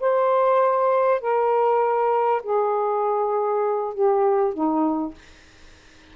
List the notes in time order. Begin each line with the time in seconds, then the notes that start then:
0.00 C5
1.21 A#4
2.43 G#4
3.94 G4
4.53 D#4